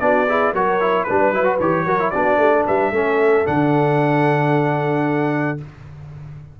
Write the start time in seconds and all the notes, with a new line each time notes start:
0.00 B3 D4 F#4 D5
0.29 E4 G#4
0.53 F#3 F#4 A#4 C#5
0.80 E4
1.04 G3 D4 B4
1.32 F#3 E4
1.44 F#4
1.60 E3 G4 C#5
1.85 F#3 F#4 A#4
1.99 E4
2.11 B3 D4 F#4 D5
2.37 A3 G4
2.52 A4
2.66 G3 B4 E5
2.91 A3 C#4 A4
3.46 D3 D4 F#5